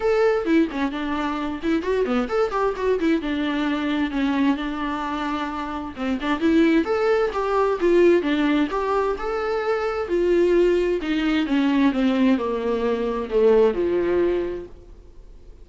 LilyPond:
\new Staff \with { instrumentName = "viola" } { \time 4/4 \tempo 4 = 131 a'4 e'8 cis'8 d'4. e'8 | fis'8 b8 a'8 g'8 fis'8 e'8 d'4~ | d'4 cis'4 d'2~ | d'4 c'8 d'8 e'4 a'4 |
g'4 f'4 d'4 g'4 | a'2 f'2 | dis'4 cis'4 c'4 ais4~ | ais4 a4 f2 | }